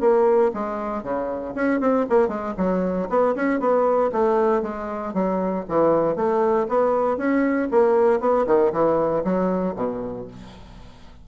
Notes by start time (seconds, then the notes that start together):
0.00 A#3
0.54 G#3
1.03 C#3
1.55 C#4
1.80 C4
2.09 A#3
2.28 G#3
2.57 F#3
3.09 B3
3.35 C#4
3.60 B3
4.12 A3
4.62 G#3
5.14 F#3
5.69 E3
6.16 A3
6.69 B3
7.17 C#4
7.71 A#3
8.20 B3
8.46 D#3
8.72 E3
9.24 F#3
9.76 B2